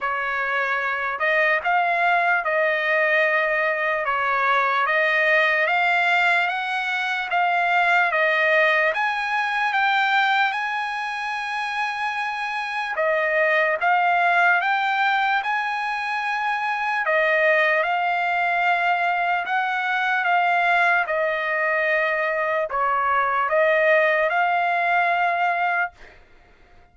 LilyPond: \new Staff \with { instrumentName = "trumpet" } { \time 4/4 \tempo 4 = 74 cis''4. dis''8 f''4 dis''4~ | dis''4 cis''4 dis''4 f''4 | fis''4 f''4 dis''4 gis''4 | g''4 gis''2. |
dis''4 f''4 g''4 gis''4~ | gis''4 dis''4 f''2 | fis''4 f''4 dis''2 | cis''4 dis''4 f''2 | }